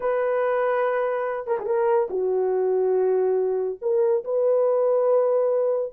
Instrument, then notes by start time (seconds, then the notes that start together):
horn
0.00 B4
1.47 A#4
1.59 G#4
1.66 A#4
2.10 F#4
3.81 A#4
4.24 B4